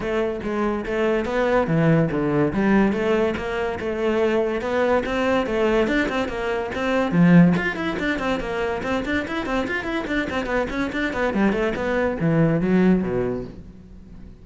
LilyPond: \new Staff \with { instrumentName = "cello" } { \time 4/4 \tempo 4 = 143 a4 gis4 a4 b4 | e4 d4 g4 a4 | ais4 a2 b4 | c'4 a4 d'8 c'8 ais4 |
c'4 f4 f'8 e'8 d'8 c'8 | ais4 c'8 d'8 e'8 c'8 f'8 e'8 | d'8 c'8 b8 cis'8 d'8 b8 g8 a8 | b4 e4 fis4 b,4 | }